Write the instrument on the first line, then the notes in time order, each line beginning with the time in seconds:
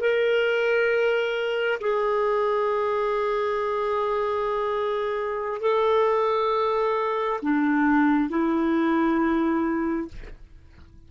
clarinet
0.00 A#4
1.80 G#4
5.61 A4
7.42 D4
8.29 E4